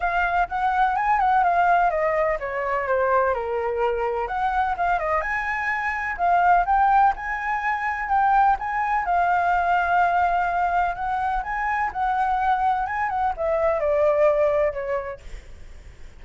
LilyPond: \new Staff \with { instrumentName = "flute" } { \time 4/4 \tempo 4 = 126 f''4 fis''4 gis''8 fis''8 f''4 | dis''4 cis''4 c''4 ais'4~ | ais'4 fis''4 f''8 dis''8 gis''4~ | gis''4 f''4 g''4 gis''4~ |
gis''4 g''4 gis''4 f''4~ | f''2. fis''4 | gis''4 fis''2 gis''8 fis''8 | e''4 d''2 cis''4 | }